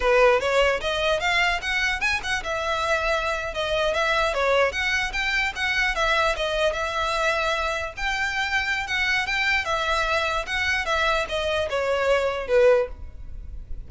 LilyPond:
\new Staff \with { instrumentName = "violin" } { \time 4/4 \tempo 4 = 149 b'4 cis''4 dis''4 f''4 | fis''4 gis''8 fis''8 e''2~ | e''8. dis''4 e''4 cis''4 fis''16~ | fis''8. g''4 fis''4 e''4 dis''16~ |
dis''8. e''2. g''16~ | g''2 fis''4 g''4 | e''2 fis''4 e''4 | dis''4 cis''2 b'4 | }